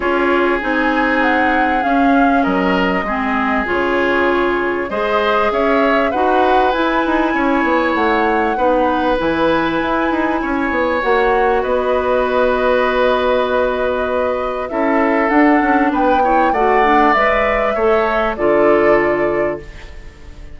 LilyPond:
<<
  \new Staff \with { instrumentName = "flute" } { \time 4/4 \tempo 4 = 98 cis''4 gis''4 fis''4 f''4 | dis''2 cis''2 | dis''4 e''4 fis''4 gis''4~ | gis''4 fis''2 gis''4~ |
gis''2 fis''4 dis''4~ | dis''1 | e''4 fis''4 g''4 fis''4 | e''2 d''2 | }
  \new Staff \with { instrumentName = "oboe" } { \time 4/4 gis'1 | ais'4 gis'2. | c''4 cis''4 b'2 | cis''2 b'2~ |
b'4 cis''2 b'4~ | b'1 | a'2 b'8 cis''8 d''4~ | d''4 cis''4 a'2 | }
  \new Staff \with { instrumentName = "clarinet" } { \time 4/4 f'4 dis'2 cis'4~ | cis'4 c'4 f'2 | gis'2 fis'4 e'4~ | e'2 dis'4 e'4~ |
e'2 fis'2~ | fis'1 | e'4 d'4. e'8 fis'8 d'8 | b'4 a'4 f'2 | }
  \new Staff \with { instrumentName = "bassoon" } { \time 4/4 cis'4 c'2 cis'4 | fis4 gis4 cis2 | gis4 cis'4 dis'4 e'8 dis'8 | cis'8 b8 a4 b4 e4 |
e'8 dis'8 cis'8 b8 ais4 b4~ | b1 | cis'4 d'8 cis'8 b4 a4 | gis4 a4 d2 | }
>>